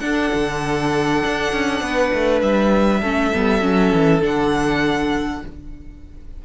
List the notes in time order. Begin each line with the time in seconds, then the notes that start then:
0.00 D4 A4 F#5
0.35 D3
1.25 D4
1.53 C#4
1.82 B3 B4
2.14 A3
2.42 G3 E5
3.01 A3 C#4 A4
3.35 G3 B3
3.61 F#3 C#4
3.93 E3
4.22 D3 D4 F#5